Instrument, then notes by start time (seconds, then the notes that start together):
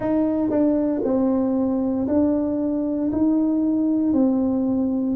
tuba
0.00 D#4
0.49 D4
1.03 C4
2.07 D4
3.11 D#4
4.13 C4